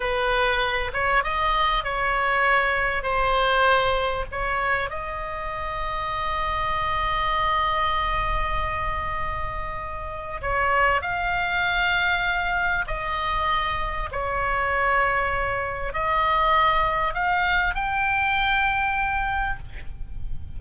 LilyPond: \new Staff \with { instrumentName = "oboe" } { \time 4/4 \tempo 4 = 98 b'4. cis''8 dis''4 cis''4~ | cis''4 c''2 cis''4 | dis''1~ | dis''1~ |
dis''4 cis''4 f''2~ | f''4 dis''2 cis''4~ | cis''2 dis''2 | f''4 g''2. | }